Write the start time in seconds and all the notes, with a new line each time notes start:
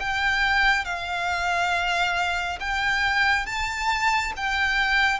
0.00 G5
0.85 F5
2.60 G5
3.46 A5
4.37 G5